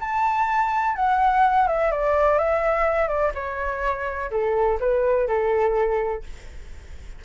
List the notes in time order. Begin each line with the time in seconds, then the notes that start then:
0.00 A5
0.96 F#5
1.68 E5
1.91 D5
2.39 E5
3.08 D5
3.35 C#5
4.31 A4
4.80 B4
5.28 A4